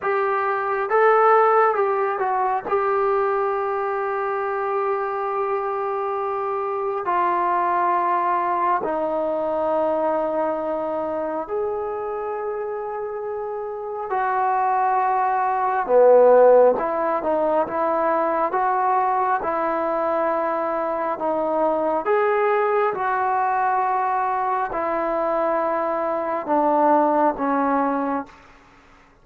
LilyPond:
\new Staff \with { instrumentName = "trombone" } { \time 4/4 \tempo 4 = 68 g'4 a'4 g'8 fis'8 g'4~ | g'1 | f'2 dis'2~ | dis'4 gis'2. |
fis'2 b4 e'8 dis'8 | e'4 fis'4 e'2 | dis'4 gis'4 fis'2 | e'2 d'4 cis'4 | }